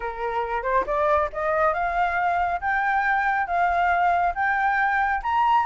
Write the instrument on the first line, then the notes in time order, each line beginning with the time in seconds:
flute
0.00 A#4
0.62 C5
0.86 D5
1.32 D#5
1.73 F5
2.60 G5
3.46 F5
4.34 G5
5.23 A#5